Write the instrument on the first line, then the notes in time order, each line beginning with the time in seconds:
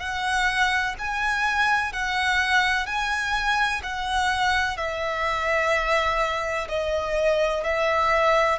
violin
0.00 F#5
0.99 G#5
1.93 F#5
2.86 G#5
3.83 F#5
4.77 E5
6.69 D#5
7.64 E5